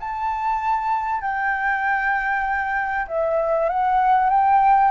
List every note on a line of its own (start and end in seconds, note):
0.00 1.21 A5
1.21 3.06 G5
3.08 3.69 E5
3.69 4.29 F#5
4.29 4.91 G5